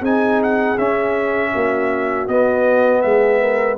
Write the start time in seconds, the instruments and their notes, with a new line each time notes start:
0.00 tuba C4, trombone D#4, horn G#4, trumpet G#5
0.43 trumpet F#5
0.78 tuba C#4, trombone C#4, trumpet E5
1.53 tuba A#3, horn F#4
2.28 tuba B3, trombone B3, trumpet D#5
3.02 tuba G#3, horn G#4, trumpet E5
3.42 horn A#4